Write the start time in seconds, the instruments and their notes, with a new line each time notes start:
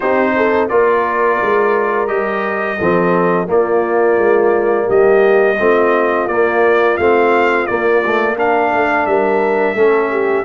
0.00 tuba C4, trombone D#4, horn G4, trumpet C5
0.36 horn A4
0.68 tuba A#3, trombone F4, horn A#4, trumpet D5
1.41 tuba G#3
2.07 tuba G3, trombone G4, trumpet D#5
2.78 tuba F3, trombone C4, horn A4
3.46 trombone A#3, tuba A#3, horn F4, trumpet D5
4.17 tuba G#3
4.86 tuba G3, horn G4, trumpet D#5
5.59 tuba A3, trombone C4, horn F4
6.27 tuba A#3, trombone A#3, trumpet D5
6.97 tuba A3, trombone C4, trumpet F5
7.66 trombone A#3, tuba A#3, trumpet D5
8.05 trombone A3
8.35 trombone D4, horn A#4, trumpet F5
8.71 tuba A3, horn A4
9.06 tuba G3, horn A#4, trumpet E5
9.74 tuba A3, trombone C#4, horn A4
10.10 horn G4